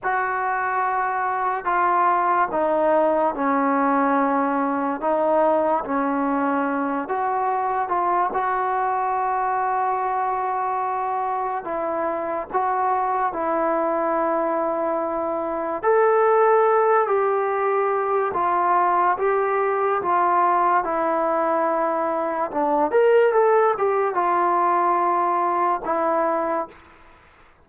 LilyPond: \new Staff \with { instrumentName = "trombone" } { \time 4/4 \tempo 4 = 72 fis'2 f'4 dis'4 | cis'2 dis'4 cis'4~ | cis'8 fis'4 f'8 fis'2~ | fis'2 e'4 fis'4 |
e'2. a'4~ | a'8 g'4. f'4 g'4 | f'4 e'2 d'8 ais'8 | a'8 g'8 f'2 e'4 | }